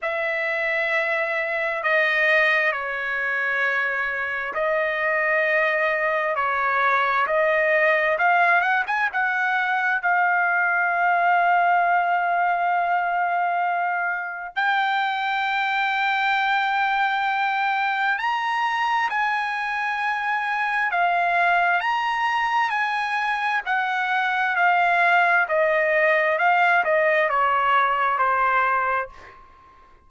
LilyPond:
\new Staff \with { instrumentName = "trumpet" } { \time 4/4 \tempo 4 = 66 e''2 dis''4 cis''4~ | cis''4 dis''2 cis''4 | dis''4 f''8 fis''16 gis''16 fis''4 f''4~ | f''1 |
g''1 | ais''4 gis''2 f''4 | ais''4 gis''4 fis''4 f''4 | dis''4 f''8 dis''8 cis''4 c''4 | }